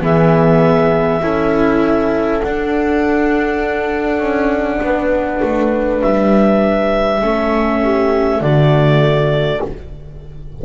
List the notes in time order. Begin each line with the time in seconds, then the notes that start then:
0.00 E3 B3 G#4 E5
1.21 C#4 E4 A4
2.41 D4 F#5
4.19 C#4
4.80 B3 B4
5.42 A3
6.02 G3 E5
7.21 A3 C#4 A4
7.83 G4
8.40 D3 A3 F#4 D5